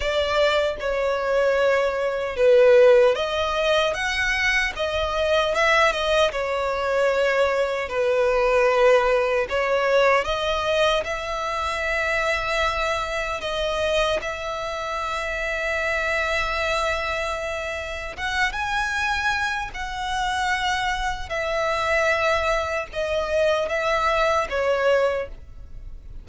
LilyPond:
\new Staff \with { instrumentName = "violin" } { \time 4/4 \tempo 4 = 76 d''4 cis''2 b'4 | dis''4 fis''4 dis''4 e''8 dis''8 | cis''2 b'2 | cis''4 dis''4 e''2~ |
e''4 dis''4 e''2~ | e''2. fis''8 gis''8~ | gis''4 fis''2 e''4~ | e''4 dis''4 e''4 cis''4 | }